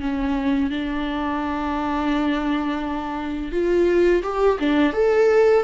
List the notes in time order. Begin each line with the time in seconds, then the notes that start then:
0.00 C#4
0.70 D4
3.52 F4
4.23 G4
4.59 D4
4.93 A4